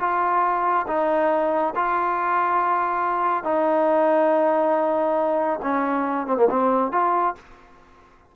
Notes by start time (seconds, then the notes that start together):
0.00 F4
0.88 D#4
1.76 F4
3.44 D#4
5.63 C#4
6.27 C4
6.37 A#3
6.50 C4
6.92 F4